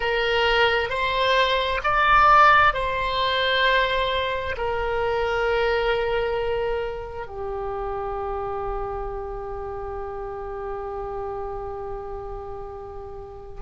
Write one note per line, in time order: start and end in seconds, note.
0.00 0.89 A#4
0.89 1.80 C5
1.83 2.73 D5
2.73 4.55 C5
4.57 7.26 A#4
7.26 13.61 G4